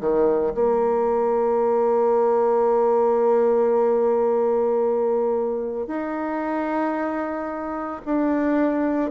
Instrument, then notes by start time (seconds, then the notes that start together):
bassoon
0.00 D#3
0.54 A#3
5.87 D#4
8.06 D4